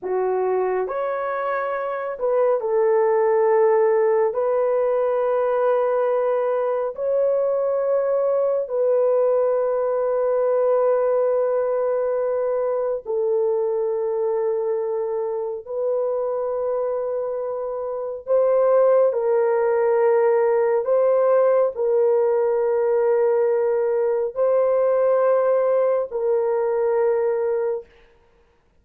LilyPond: \new Staff \with { instrumentName = "horn" } { \time 4/4 \tempo 4 = 69 fis'4 cis''4. b'8 a'4~ | a'4 b'2. | cis''2 b'2~ | b'2. a'4~ |
a'2 b'2~ | b'4 c''4 ais'2 | c''4 ais'2. | c''2 ais'2 | }